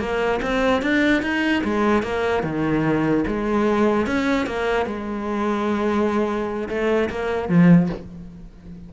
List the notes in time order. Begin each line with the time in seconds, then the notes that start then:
0.00 A#3
0.42 C4
0.82 D4
1.23 D#4
1.64 G#3
2.03 A#3
2.44 D#3
3.28 G#3
4.07 C#4
4.47 A#3
4.86 G#3
6.69 A3
7.10 A#3
7.49 F3